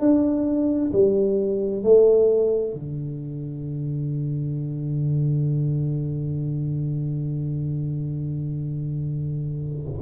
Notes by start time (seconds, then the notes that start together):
0.00 D4
0.93 G3
1.83 A3
2.73 D3